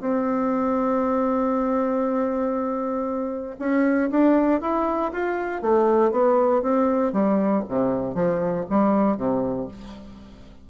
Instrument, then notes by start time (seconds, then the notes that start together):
bassoon
0.00 C4
3.59 C#4
4.10 D4
4.61 E4
5.12 F4
5.62 A3
6.11 B3
6.62 C4
7.13 G3
7.68 C3
8.14 F3
8.69 G3
9.17 C3